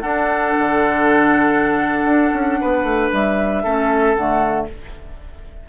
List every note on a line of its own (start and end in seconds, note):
0.00 0.54 D4
0.00 3.65 D4
0.00 2.60 A4
0.00 3.10 F#5
0.58 2.04 D3
2.04 2.30 D4
2.33 2.59 C#4
2.60 2.83 B3
2.60 3.63 B4
2.83 3.09 A3
3.12 3.64 G3
3.12 4.14 E5
3.63 4.16 A3
3.63 4.16 C#4
3.63 4.66 A4
4.14 4.67 D3
4.14 4.69 A3
4.14 4.66 F#5